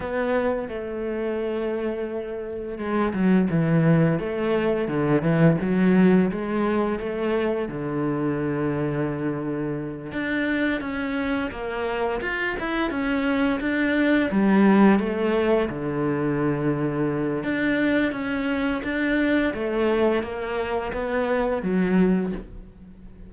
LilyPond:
\new Staff \with { instrumentName = "cello" } { \time 4/4 \tempo 4 = 86 b4 a2. | gis8 fis8 e4 a4 d8 e8 | fis4 gis4 a4 d4~ | d2~ d8 d'4 cis'8~ |
cis'8 ais4 f'8 e'8 cis'4 d'8~ | d'8 g4 a4 d4.~ | d4 d'4 cis'4 d'4 | a4 ais4 b4 fis4 | }